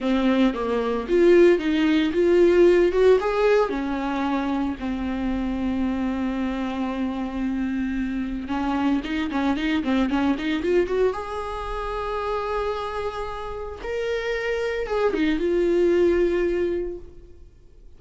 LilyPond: \new Staff \with { instrumentName = "viola" } { \time 4/4 \tempo 4 = 113 c'4 ais4 f'4 dis'4 | f'4. fis'8 gis'4 cis'4~ | cis'4 c'2.~ | c'1 |
cis'4 dis'8 cis'8 dis'8 c'8 cis'8 dis'8 | f'8 fis'8 gis'2.~ | gis'2 ais'2 | gis'8 dis'8 f'2. | }